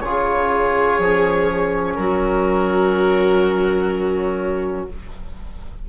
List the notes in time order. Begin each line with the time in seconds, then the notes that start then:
0.00 C#3 F4 G#4 C#5
0.99 F3 C#4
1.95 F#3 F#4 A#4